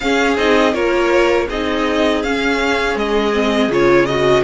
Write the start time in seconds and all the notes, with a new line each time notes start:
0.00 C#4 G#4 F5
0.37 C4 D#4 D#5
0.72 A#3 F4 A#4 C#5
1.48 C4 D#4 G#4 D#5
2.23 C#4 F5
2.95 G#3 D#5
3.33 C4
3.68 C#3 F4 C#5
4.05 F#4 D#5